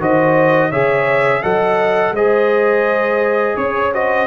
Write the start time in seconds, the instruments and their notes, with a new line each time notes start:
0.00 tuba D#3, trombone F#4, horn C5, trumpet D#5
0.70 tuba C#3, trombone G#4, horn C#5, trumpet E5
1.42 tuba F#3, trombone A4, horn D#5, trumpet F#5
2.11 tuba G#3, trombone G#4, horn C5, trumpet D#5
3.57 tuba C#4, trumpet C#5, horn C#5
3.93 trombone F#4, horn C5, trumpet D#5